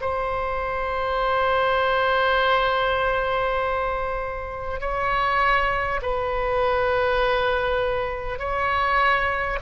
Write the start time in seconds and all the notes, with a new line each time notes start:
0.00 C5
4.80 C#5
6.02 B4
8.38 C#5